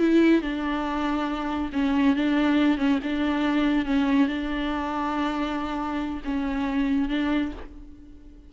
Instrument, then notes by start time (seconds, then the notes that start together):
viola
0.00 E4
0.42 D4
1.73 C#4
2.16 D4
2.78 C#4
3.03 D4
3.86 C#4
4.28 D4
6.25 C#4
7.09 D4